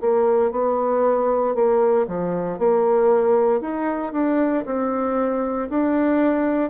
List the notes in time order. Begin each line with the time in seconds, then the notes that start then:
0.00 A#3
0.51 B3
1.54 A#3
2.07 F3
2.58 A#3
3.61 D#4
4.12 D4
4.65 C4
5.69 D4